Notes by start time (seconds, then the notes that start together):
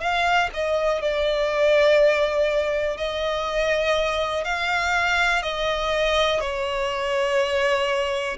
0.00 F5
0.53 D#5
1.01 D5
2.97 D#5
4.44 F5
5.42 D#5
6.40 C#5